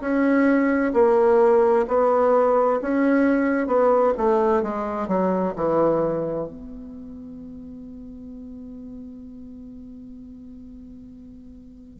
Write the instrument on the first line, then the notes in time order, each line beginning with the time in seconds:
bassoon
0.00 C#4
0.93 A#3
1.88 B3
2.81 C#4
3.66 B3
4.17 A3
4.62 G#3
5.07 F#3
5.56 E3
6.47 B3